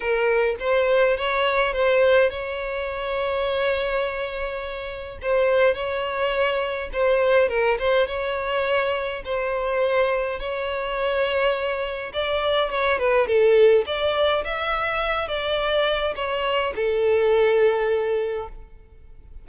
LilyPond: \new Staff \with { instrumentName = "violin" } { \time 4/4 \tempo 4 = 104 ais'4 c''4 cis''4 c''4 | cis''1~ | cis''4 c''4 cis''2 | c''4 ais'8 c''8 cis''2 |
c''2 cis''2~ | cis''4 d''4 cis''8 b'8 a'4 | d''4 e''4. d''4. | cis''4 a'2. | }